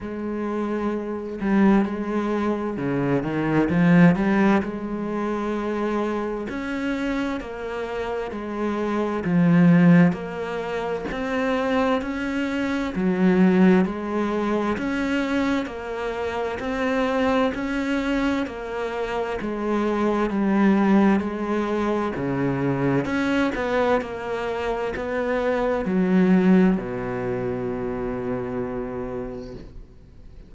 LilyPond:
\new Staff \with { instrumentName = "cello" } { \time 4/4 \tempo 4 = 65 gis4. g8 gis4 cis8 dis8 | f8 g8 gis2 cis'4 | ais4 gis4 f4 ais4 | c'4 cis'4 fis4 gis4 |
cis'4 ais4 c'4 cis'4 | ais4 gis4 g4 gis4 | cis4 cis'8 b8 ais4 b4 | fis4 b,2. | }